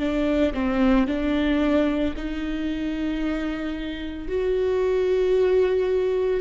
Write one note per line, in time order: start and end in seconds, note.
0.00 0.54 D4
0.54 1.07 C4
1.07 2.14 D4
2.17 4.29 D#4
4.29 6.41 F#4